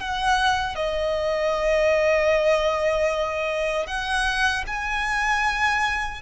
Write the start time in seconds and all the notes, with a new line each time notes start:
0.00 F#5
0.76 D#5
3.86 F#5
4.67 G#5